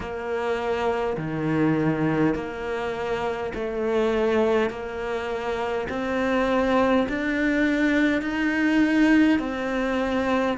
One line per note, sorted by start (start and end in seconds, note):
0.00 1.17 A#3
1.17 2.35 D#3
2.35 3.52 A#3
3.54 4.70 A3
4.70 5.87 A#3
5.89 7.06 C4
7.09 8.21 D4
8.21 9.39 D#4
9.39 10.57 C4